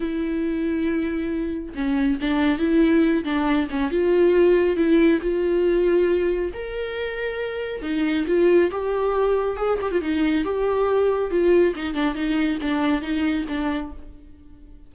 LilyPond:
\new Staff \with { instrumentName = "viola" } { \time 4/4 \tempo 4 = 138 e'1 | cis'4 d'4 e'4. d'8~ | d'8 cis'8 f'2 e'4 | f'2. ais'4~ |
ais'2 dis'4 f'4 | g'2 gis'8 g'16 f'16 dis'4 | g'2 f'4 dis'8 d'8 | dis'4 d'4 dis'4 d'4 | }